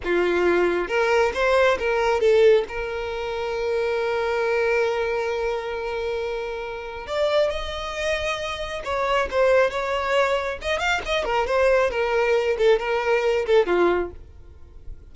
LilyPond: \new Staff \with { instrumentName = "violin" } { \time 4/4 \tempo 4 = 136 f'2 ais'4 c''4 | ais'4 a'4 ais'2~ | ais'1~ | ais'1 |
d''4 dis''2. | cis''4 c''4 cis''2 | dis''8 f''8 dis''8 ais'8 c''4 ais'4~ | ais'8 a'8 ais'4. a'8 f'4 | }